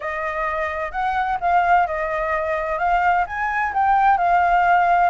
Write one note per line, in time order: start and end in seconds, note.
0.00 0.91 D#5
0.91 1.38 F#5
1.40 1.86 F5
1.86 2.78 D#5
2.78 3.25 F5
3.26 3.73 G#5
3.73 4.17 G5
4.17 5.10 F5